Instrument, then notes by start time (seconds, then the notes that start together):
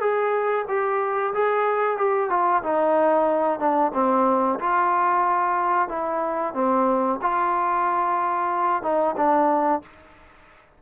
trombone
0.00 G#4
0.68 G4
1.33 G#4
1.97 G4
2.30 F4
2.63 D#4
3.59 D4
3.93 C4
4.59 F4
5.88 E4
6.54 C4
7.21 F4
8.83 D#4
9.17 D4